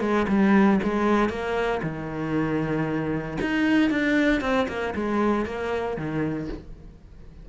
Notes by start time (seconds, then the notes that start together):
0.00 G#3
0.28 G3
0.83 G#3
1.29 A#3
1.82 D#3
3.41 D#4
3.90 D4
4.41 C4
4.68 A#3
4.95 G#3
5.45 A#3
5.97 D#3